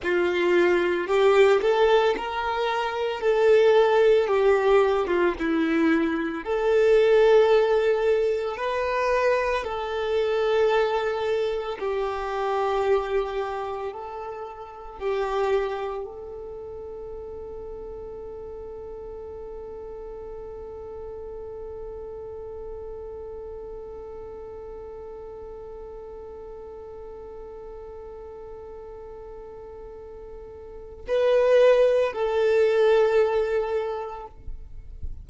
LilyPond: \new Staff \with { instrumentName = "violin" } { \time 4/4 \tempo 4 = 56 f'4 g'8 a'8 ais'4 a'4 | g'8. f'16 e'4 a'2 | b'4 a'2 g'4~ | g'4 a'4 g'4 a'4~ |
a'1~ | a'1~ | a'1~ | a'4 b'4 a'2 | }